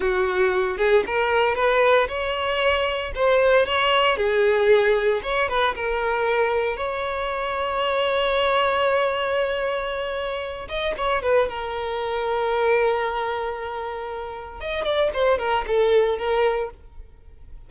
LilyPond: \new Staff \with { instrumentName = "violin" } { \time 4/4 \tempo 4 = 115 fis'4. gis'8 ais'4 b'4 | cis''2 c''4 cis''4 | gis'2 cis''8 b'8 ais'4~ | ais'4 cis''2.~ |
cis''1~ | cis''8 dis''8 cis''8 b'8 ais'2~ | ais'1 | dis''8 d''8 c''8 ais'8 a'4 ais'4 | }